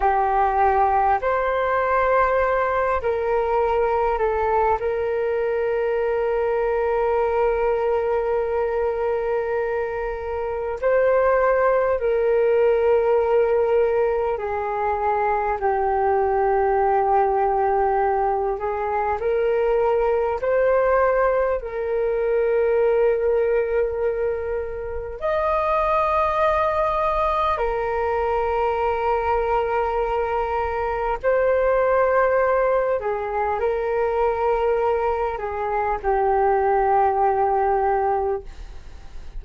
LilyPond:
\new Staff \with { instrumentName = "flute" } { \time 4/4 \tempo 4 = 50 g'4 c''4. ais'4 a'8 | ais'1~ | ais'4 c''4 ais'2 | gis'4 g'2~ g'8 gis'8 |
ais'4 c''4 ais'2~ | ais'4 dis''2 ais'4~ | ais'2 c''4. gis'8 | ais'4. gis'8 g'2 | }